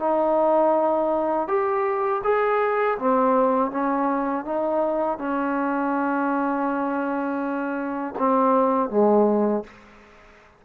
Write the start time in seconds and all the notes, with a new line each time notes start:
0.00 D#4
1.48 G4
2.24 G#4
2.99 C4
3.71 C#4
4.46 D#4
5.19 C#4
8.19 C4
8.90 G#3